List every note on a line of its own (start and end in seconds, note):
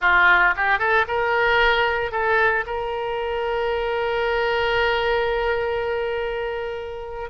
0.01 0.54 F4
0.56 0.78 G4
0.78 1.05 A4
1.07 2.11 A#4
2.11 2.65 A4
2.66 7.30 A#4